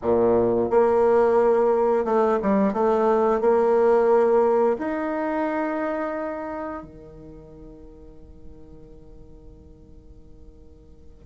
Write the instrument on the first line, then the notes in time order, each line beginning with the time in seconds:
bassoon
0.02 A#2
0.70 A#3
2.04 A3
2.42 G3
2.73 A3
3.40 A#3
4.78 D#4
6.83 D#3